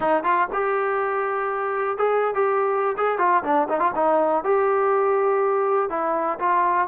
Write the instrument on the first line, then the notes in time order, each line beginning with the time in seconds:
trombone
0.00 D#4
0.23 F4
0.52 G4
1.97 G#4
2.34 G4
2.97 G#4
3.18 F4
3.43 D4
3.69 D#4
3.79 F4
3.95 D#4
4.44 G4
5.89 E4
6.39 F4